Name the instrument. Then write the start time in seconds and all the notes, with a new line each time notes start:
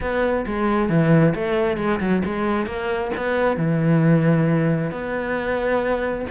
cello
0.00 B3
0.46 G#3
0.89 E3
1.34 A3
1.77 G#3
1.99 F#3
2.25 G#3
2.66 A#3
3.16 B3
3.56 E3
4.91 B3